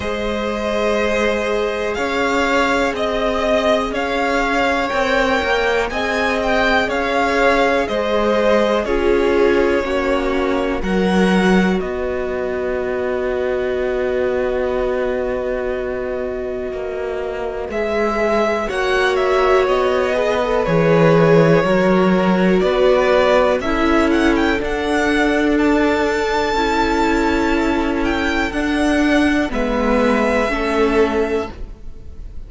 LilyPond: <<
  \new Staff \with { instrumentName = "violin" } { \time 4/4 \tempo 4 = 61 dis''2 f''4 dis''4 | f''4 g''4 gis''8 g''8 f''4 | dis''4 cis''2 fis''4 | dis''1~ |
dis''2 e''4 fis''8 e''8 | dis''4 cis''2 d''4 | e''8 fis''16 g''16 fis''4 a''2~ | a''8 g''8 fis''4 e''2 | }
  \new Staff \with { instrumentName = "violin" } { \time 4/4 c''2 cis''4 dis''4 | cis''2 dis''4 cis''4 | c''4 gis'4 fis'4 ais'4 | b'1~ |
b'2. cis''4~ | cis''8 b'4. ais'4 b'4 | a'1~ | a'2 b'4 a'4 | }
  \new Staff \with { instrumentName = "viola" } { \time 4/4 gis'1~ | gis'4 ais'4 gis'2~ | gis'4 f'4 cis'4 fis'4~ | fis'1~ |
fis'2 gis'4 fis'4~ | fis'8 gis'16 a'16 gis'4 fis'2 | e'4 d'2 e'4~ | e'4 d'4 b4 cis'4 | }
  \new Staff \with { instrumentName = "cello" } { \time 4/4 gis2 cis'4 c'4 | cis'4 c'8 ais8 c'4 cis'4 | gis4 cis'4 ais4 fis4 | b1~ |
b4 ais4 gis4 ais4 | b4 e4 fis4 b4 | cis'4 d'2 cis'4~ | cis'4 d'4 gis4 a4 | }
>>